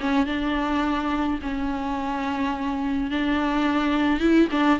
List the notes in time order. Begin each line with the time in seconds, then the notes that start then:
0.00 C#4
0.26 D4
1.42 C#4
3.11 D4
4.20 E4
4.51 D4